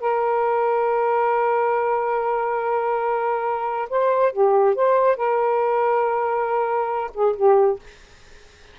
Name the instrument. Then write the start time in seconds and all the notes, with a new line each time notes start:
saxophone
0.00 A#4
3.90 C5
4.32 G4
4.75 C5
5.16 A#4
7.14 G#4
7.36 G4